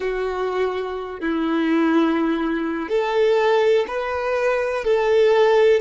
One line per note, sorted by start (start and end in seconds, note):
0.00 1.20 F#4
1.20 2.89 E4
2.89 3.85 A4
3.87 4.84 B4
4.84 5.80 A4